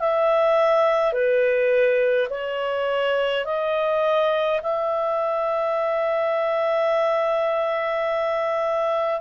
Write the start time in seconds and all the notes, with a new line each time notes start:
0.00 E5
1.13 B4
2.30 C#5
3.46 D#5
4.63 E5